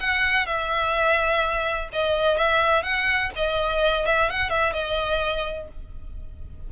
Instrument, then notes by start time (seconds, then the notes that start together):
violin
0.00 F#5
0.47 E5
1.93 D#5
2.38 E5
2.83 F#5
3.36 D#5
4.06 E5
4.30 F#5
4.50 E5
4.73 D#5